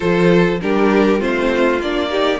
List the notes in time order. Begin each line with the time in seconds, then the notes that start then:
0.00 F3 F4 A4 C5
0.61 G3 D4 G4 A#4
1.19 A3 C4 F4 C5
1.80 A#3 D4 D5
2.09 D#4 G4